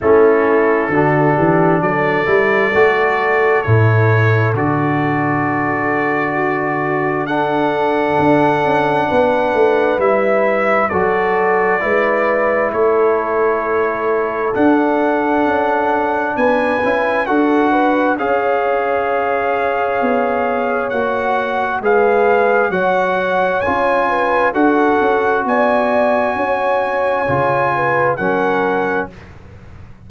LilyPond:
<<
  \new Staff \with { instrumentName = "trumpet" } { \time 4/4 \tempo 4 = 66 a'2 d''2 | cis''4 d''2. | fis''2. e''4 | d''2 cis''2 |
fis''2 gis''4 fis''4 | f''2. fis''4 | f''4 fis''4 gis''4 fis''4 | gis''2. fis''4 | }
  \new Staff \with { instrumentName = "horn" } { \time 4/4 e'4 fis'8 g'8 a'2~ | a'2. fis'4 | a'2 b'2 | a'4 b'4 a'2~ |
a'2 b'4 a'8 b'8 | cis''1 | b'4 cis''4. b'8 a'4 | d''4 cis''4. b'8 ais'4 | }
  \new Staff \with { instrumentName = "trombone" } { \time 4/4 cis'4 d'4. e'8 fis'4 | e'4 fis'2. | d'2. e'4 | fis'4 e'2. |
d'2~ d'8 e'8 fis'4 | gis'2. fis'4 | gis'4 fis'4 f'4 fis'4~ | fis'2 f'4 cis'4 | }
  \new Staff \with { instrumentName = "tuba" } { \time 4/4 a4 d8 e8 fis8 g8 a4 | a,4 d2.~ | d4 d'8 cis'8 b8 a8 g4 | fis4 gis4 a2 |
d'4 cis'4 b8 cis'8 d'4 | cis'2 b4 ais4 | gis4 fis4 cis'4 d'8 cis'8 | b4 cis'4 cis4 fis4 | }
>>